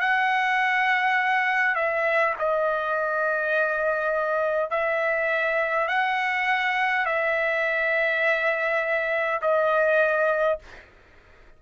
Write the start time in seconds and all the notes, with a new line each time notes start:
0.00 F#5
1.75 E5
2.39 D#5
4.70 E5
5.88 F#5
7.05 E5
9.41 D#5